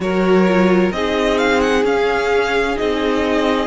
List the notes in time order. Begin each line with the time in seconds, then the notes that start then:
0.00 F#3 F#4 A#4 C#5
0.47 F4
0.92 C4 D#4 G#4 D#5
1.38 F5
1.60 F#5
1.84 C#4 F5
2.75 C4 D#4 D#5